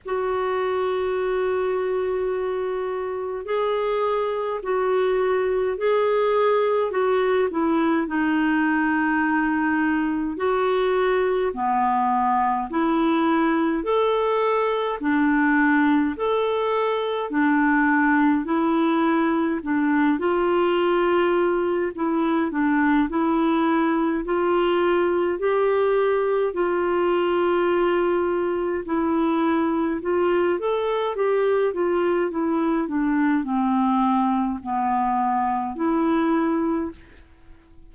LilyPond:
\new Staff \with { instrumentName = "clarinet" } { \time 4/4 \tempo 4 = 52 fis'2. gis'4 | fis'4 gis'4 fis'8 e'8 dis'4~ | dis'4 fis'4 b4 e'4 | a'4 d'4 a'4 d'4 |
e'4 d'8 f'4. e'8 d'8 | e'4 f'4 g'4 f'4~ | f'4 e'4 f'8 a'8 g'8 f'8 | e'8 d'8 c'4 b4 e'4 | }